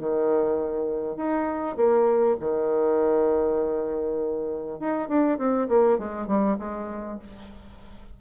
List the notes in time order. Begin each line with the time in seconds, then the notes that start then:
0.00 D#3
1.17 D#4
1.77 A#3
2.41 D#3
4.80 D#4
5.09 D4
5.38 C4
5.69 A#3
5.99 G#3
6.28 G3
6.59 G#3